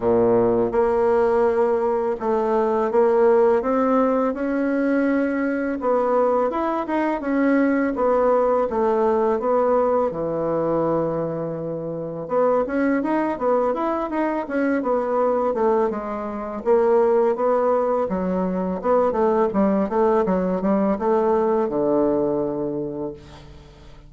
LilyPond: \new Staff \with { instrumentName = "bassoon" } { \time 4/4 \tempo 4 = 83 ais,4 ais2 a4 | ais4 c'4 cis'2 | b4 e'8 dis'8 cis'4 b4 | a4 b4 e2~ |
e4 b8 cis'8 dis'8 b8 e'8 dis'8 | cis'8 b4 a8 gis4 ais4 | b4 fis4 b8 a8 g8 a8 | fis8 g8 a4 d2 | }